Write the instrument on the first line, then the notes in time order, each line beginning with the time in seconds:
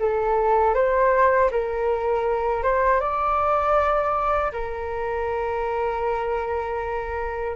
flute
0.00 A4
0.75 C5
1.51 A#4
2.63 C5
3.00 D5
4.53 A#4